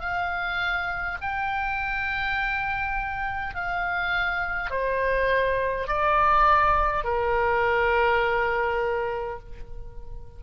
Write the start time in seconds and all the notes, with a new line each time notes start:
0.00 F5
1.21 G5
3.55 F5
4.71 C5
5.88 D5
7.04 A#4